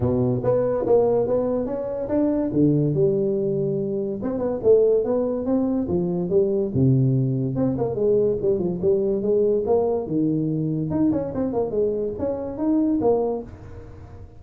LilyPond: \new Staff \with { instrumentName = "tuba" } { \time 4/4 \tempo 4 = 143 b,4 b4 ais4 b4 | cis'4 d'4 d4 g4~ | g2 c'8 b8 a4 | b4 c'4 f4 g4 |
c2 c'8 ais8 gis4 | g8 f8 g4 gis4 ais4 | dis2 dis'8 cis'8 c'8 ais8 | gis4 cis'4 dis'4 ais4 | }